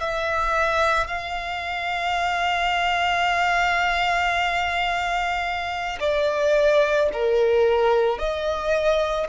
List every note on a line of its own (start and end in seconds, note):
0.00 1.07 E5
1.07 5.98 F5
6.00 7.09 D5
7.13 8.18 A#4
8.18 9.27 D#5